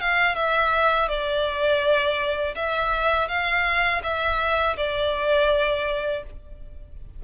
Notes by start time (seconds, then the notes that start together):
0.00 F5
0.35 E5
1.09 D5
2.55 E5
3.28 F5
4.03 E5
4.77 D5